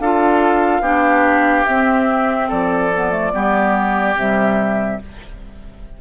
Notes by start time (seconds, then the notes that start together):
0.00 D4 F4 A4 F5
0.81 B3 D4 G4
1.66 C4 E5
2.49 F3 A4 D5
2.95 B3
3.11 A3
3.33 G3 B3 G4
4.16 C3 G3 E5